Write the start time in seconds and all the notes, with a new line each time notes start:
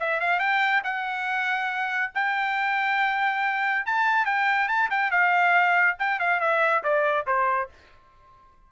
0.00 E5
0.20 F5
0.40 G5
0.84 F#5
2.15 G5
3.86 A5
4.25 G5
4.68 A5
4.91 G5
5.11 F5
5.99 G5
6.20 F5
6.40 E5
6.84 D5
7.27 C5